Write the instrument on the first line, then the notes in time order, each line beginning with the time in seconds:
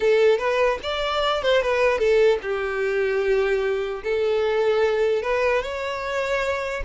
violin
0.00 A4
0.38 B4
0.82 D5
1.42 C5
1.62 B4
1.98 A4
2.41 G4
4.03 A4
5.22 B4
5.62 C#5